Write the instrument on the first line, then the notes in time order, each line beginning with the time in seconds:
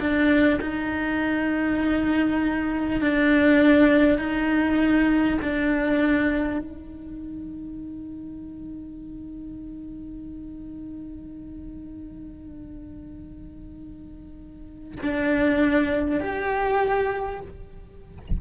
cello
0.00 D4
0.61 D#4
3.01 D4
4.18 D#4
5.42 D4
6.59 D#4
15.03 D4
16.21 G4